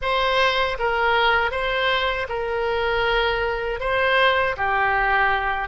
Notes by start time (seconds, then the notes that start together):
0.01 C5
0.78 A#4
1.51 C5
2.28 A#4
3.80 C5
4.56 G4